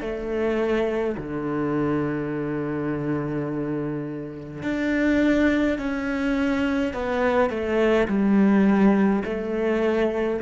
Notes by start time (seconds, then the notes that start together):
0.00 A3
1.17 D3
4.62 D4
5.78 C#4
6.93 B3
7.49 A3
8.07 G3
9.24 A3